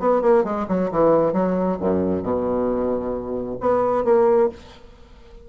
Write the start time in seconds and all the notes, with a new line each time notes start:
0.00 B3
0.22 A#3
0.45 G#3
0.68 F#3
0.92 E3
1.33 F#3
1.80 F#2
2.23 B2
3.61 B3
4.05 A#3